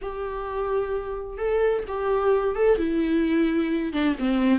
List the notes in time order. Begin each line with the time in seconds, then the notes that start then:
0.01 G4
1.37 A4
1.87 G4
2.55 A4
2.77 E4
3.92 D4
4.19 C4